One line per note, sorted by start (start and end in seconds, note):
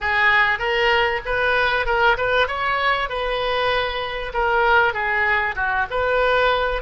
0.01 0.58 G#4
0.58 1.20 A#4
1.25 1.86 B4
1.86 2.16 A#4
2.16 2.47 B4
2.47 3.09 C#5
3.09 4.32 B4
4.33 4.93 A#4
4.93 5.55 G#4
5.55 5.86 F#4
5.90 6.82 B4